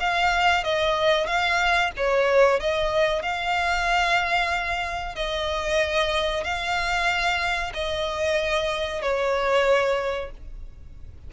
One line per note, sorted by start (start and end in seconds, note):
0.00 0.64 F5
0.64 1.27 D#5
1.27 1.91 F5
1.97 2.60 C#5
2.60 3.22 D#5
3.22 5.15 F5
5.15 6.44 D#5
6.44 7.73 F5
7.74 9.02 D#5
9.02 10.31 C#5